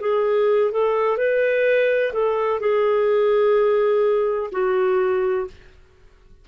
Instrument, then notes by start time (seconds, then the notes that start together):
clarinet
0.00 G#4
0.71 A4
1.17 B4
2.13 A4
2.60 G#4
4.52 F#4